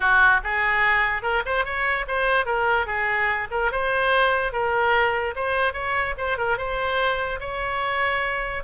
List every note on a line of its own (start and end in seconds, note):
0.00 0.41 F#4
0.43 1.22 G#4
1.22 1.43 A#4
1.45 1.64 C5
1.64 2.05 C#5
2.07 2.45 C5
2.45 2.86 A#4
2.86 3.48 G#4
3.51 3.71 A#4
3.71 4.52 C5
4.52 5.34 A#4
5.35 5.73 C5
5.73 6.14 C#5
6.17 6.37 C5
6.37 6.57 A#4
6.57 7.39 C5
7.40 8.63 C#5